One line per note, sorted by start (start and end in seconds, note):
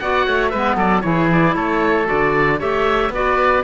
0.00 0.27 B3
0.00 0.54 F#4
0.00 0.26 D5
0.00 0.49 F#5
0.26 0.53 A3
0.26 0.51 C#5
0.49 0.77 G#3
0.49 1.03 B3
0.49 0.76 B4
0.49 0.76 E5
0.76 1.03 F#3
0.76 1.02 A4
0.76 1.01 D5
1.01 1.55 E3
1.01 2.05 E4
1.01 1.56 G#4
1.01 1.27 C#5
1.33 1.56 D5
1.55 2.07 A3
1.55 2.59 A4
1.55 2.08 C#5
2.05 2.61 D3
2.05 2.57 F#4
2.05 2.60 D5
2.59 3.10 A3
2.59 3.12 G4
2.59 3.11 C#5
2.59 3.13 E5
3.10 3.62 B3
3.10 3.64 F#4
3.10 3.64 B4
3.10 3.64 D5